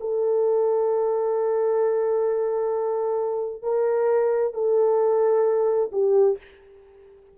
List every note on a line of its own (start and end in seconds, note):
0.00 3.62 A4
3.62 4.53 A#4
4.53 5.90 A4
5.92 6.37 G4